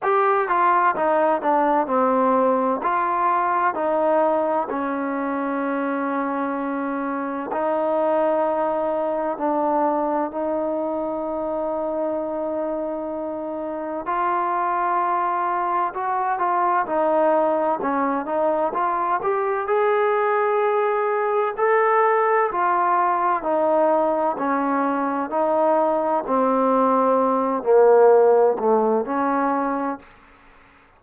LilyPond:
\new Staff \with { instrumentName = "trombone" } { \time 4/4 \tempo 4 = 64 g'8 f'8 dis'8 d'8 c'4 f'4 | dis'4 cis'2. | dis'2 d'4 dis'4~ | dis'2. f'4~ |
f'4 fis'8 f'8 dis'4 cis'8 dis'8 | f'8 g'8 gis'2 a'4 | f'4 dis'4 cis'4 dis'4 | c'4. ais4 a8 cis'4 | }